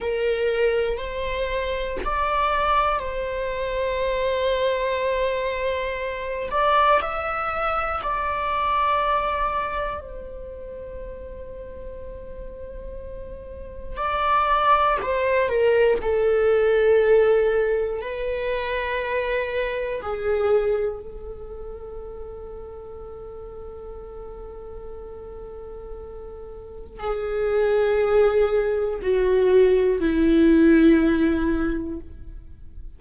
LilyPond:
\new Staff \with { instrumentName = "viola" } { \time 4/4 \tempo 4 = 60 ais'4 c''4 d''4 c''4~ | c''2~ c''8 d''8 e''4 | d''2 c''2~ | c''2 d''4 c''8 ais'8 |
a'2 b'2 | gis'4 a'2.~ | a'2. gis'4~ | gis'4 fis'4 e'2 | }